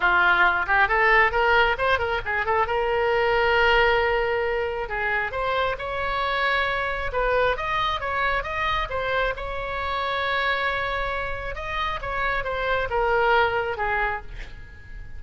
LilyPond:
\new Staff \with { instrumentName = "oboe" } { \time 4/4 \tempo 4 = 135 f'4. g'8 a'4 ais'4 | c''8 ais'8 gis'8 a'8 ais'2~ | ais'2. gis'4 | c''4 cis''2. |
b'4 dis''4 cis''4 dis''4 | c''4 cis''2.~ | cis''2 dis''4 cis''4 | c''4 ais'2 gis'4 | }